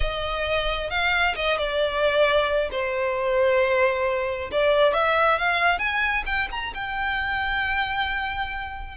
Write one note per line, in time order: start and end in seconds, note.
0.00 0.90 D#5
0.90 1.34 F5
1.35 1.57 D#5
1.57 2.69 D5
2.71 4.50 C5
4.51 4.93 D5
4.93 5.38 E5
5.38 5.78 F5
5.78 6.23 G#5
6.26 6.48 G5
6.51 6.73 A#5
6.74 8.97 G5